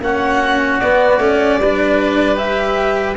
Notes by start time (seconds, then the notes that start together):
0.00 A#3 C#4 F#4 F#5
0.80 B3 D5
1.18 A3 C#4
1.57 G3 B4
1.64 D4
2.36 G4 E5